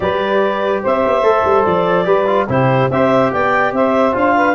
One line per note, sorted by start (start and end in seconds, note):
0.00 0.81 G3
0.00 1.23 G4
0.00 0.82 B4
0.00 0.82 D5
0.82 1.06 C4
0.82 2.05 C5
0.82 1.64 E5
1.06 1.22 B3
1.22 1.43 A3
1.22 2.04 A4
1.44 1.65 G3
1.64 2.06 F3
1.64 2.46 D5
2.04 2.47 G3
2.04 2.25 G4
2.04 2.46 B4
2.26 2.47 F4
2.48 2.89 C3
2.48 2.90 E4
2.48 2.90 G4
2.48 2.90 C5
2.90 3.31 C4
2.90 4.12 G4
2.90 3.32 C5
2.90 3.31 E5
3.31 3.72 B3
3.31 3.73 D5
3.31 3.73 G5
3.72 4.13 C4
3.72 4.35 C5
3.72 4.15 E5
4.12 4.55 D4
4.12 4.53 F4
4.12 4.55 F5
4.35 4.55 B4